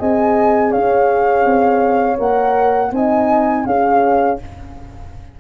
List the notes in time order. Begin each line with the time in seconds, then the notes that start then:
0.00 C4 G#4 D#5 G#5
0.72 C#4 C#5 F5
1.45 C4
2.18 A#3 A#4 F#5
2.92 C4 D#4 D#5 G#5
3.66 C#4 G#4 F5